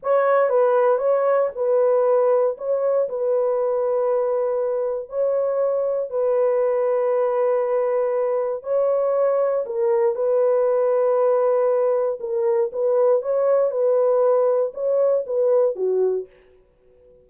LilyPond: \new Staff \with { instrumentName = "horn" } { \time 4/4 \tempo 4 = 118 cis''4 b'4 cis''4 b'4~ | b'4 cis''4 b'2~ | b'2 cis''2 | b'1~ |
b'4 cis''2 ais'4 | b'1 | ais'4 b'4 cis''4 b'4~ | b'4 cis''4 b'4 fis'4 | }